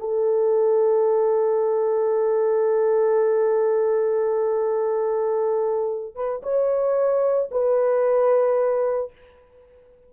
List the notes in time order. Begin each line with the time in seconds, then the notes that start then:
0.00 A4
6.16 B4
6.43 C#5
7.52 B4